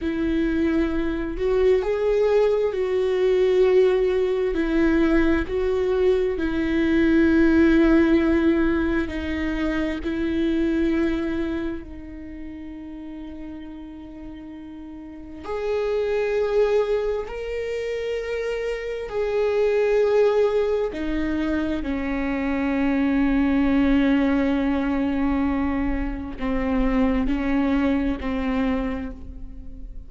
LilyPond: \new Staff \with { instrumentName = "viola" } { \time 4/4 \tempo 4 = 66 e'4. fis'8 gis'4 fis'4~ | fis'4 e'4 fis'4 e'4~ | e'2 dis'4 e'4~ | e'4 dis'2.~ |
dis'4 gis'2 ais'4~ | ais'4 gis'2 dis'4 | cis'1~ | cis'4 c'4 cis'4 c'4 | }